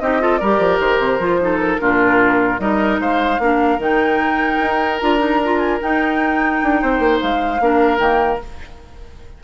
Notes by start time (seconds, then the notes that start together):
0.00 C4 D#4 G4 D#5
0.20 F4 A4
0.38 G3 G4 A#4 D5
0.59 F3
0.80 D#3 C5
0.99 C3
1.19 F3 F4
1.41 D#4 A4
1.60 A#4
1.80 A#2 D4 F4
2.59 G3 D#4 A#4 D#5
2.99 G#3 C5 F5
3.39 A#3 D4 A#4
3.79 D#3 D#4 G5
4.61 D#4
4.99 D4 F4 A#5
5.19 D#4
5.45 F4
5.59 G#5
5.80 D#4 G5
6.63 D4
6.81 C4 C5
7.00 A#3
7.21 G#3 F5
7.60 A#3 D4 A#4
7.99 D#3 A#3 G5